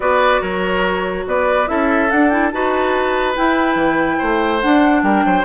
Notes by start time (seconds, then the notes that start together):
0.00 B3 F#4 B4 D5
0.41 F#3 A#4 C#5
1.26 B3 B4 D5
1.66 C#4 E4 A4 E5
2.09 D4 F#5
2.29 E4 G5
2.50 D#4 F#4 B4 A5
3.35 E4 G5
3.75 E3
4.18 A3 C5
4.60 D4 F#5
5.02 G3 A#4 G5
5.25 F#3 C5